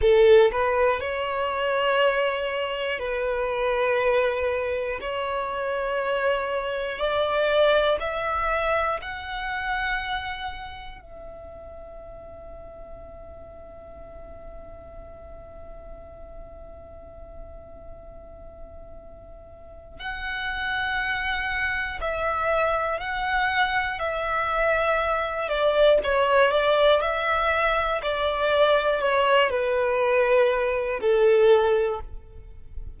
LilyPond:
\new Staff \with { instrumentName = "violin" } { \time 4/4 \tempo 4 = 60 a'8 b'8 cis''2 b'4~ | b'4 cis''2 d''4 | e''4 fis''2 e''4~ | e''1~ |
e''1 | fis''2 e''4 fis''4 | e''4. d''8 cis''8 d''8 e''4 | d''4 cis''8 b'4. a'4 | }